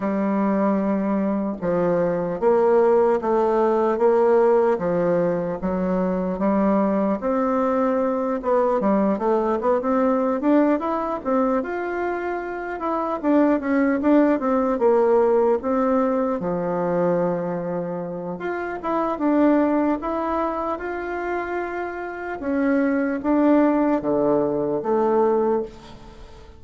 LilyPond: \new Staff \with { instrumentName = "bassoon" } { \time 4/4 \tempo 4 = 75 g2 f4 ais4 | a4 ais4 f4 fis4 | g4 c'4. b8 g8 a8 | b16 c'8. d'8 e'8 c'8 f'4. |
e'8 d'8 cis'8 d'8 c'8 ais4 c'8~ | c'8 f2~ f8 f'8 e'8 | d'4 e'4 f'2 | cis'4 d'4 d4 a4 | }